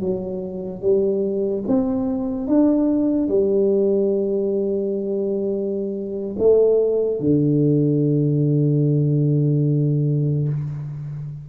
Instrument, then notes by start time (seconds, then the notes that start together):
tuba
0.00 F#3
0.81 G3
1.67 C4
2.47 D4
3.28 G3
6.38 A3
7.20 D3